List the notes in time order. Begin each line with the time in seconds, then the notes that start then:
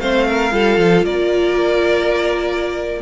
0.00 A3 C4 C5 F5
0.28 A#4
0.51 G3 F4 A4
0.77 F3
1.03 A#3 A#4 D5